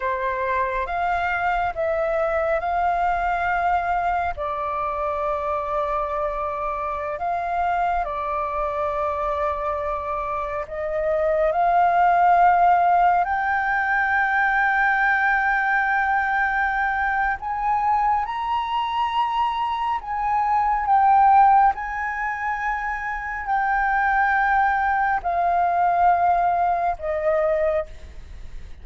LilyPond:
\new Staff \with { instrumentName = "flute" } { \time 4/4 \tempo 4 = 69 c''4 f''4 e''4 f''4~ | f''4 d''2.~ | d''16 f''4 d''2~ d''8.~ | d''16 dis''4 f''2 g''8.~ |
g''1 | gis''4 ais''2 gis''4 | g''4 gis''2 g''4~ | g''4 f''2 dis''4 | }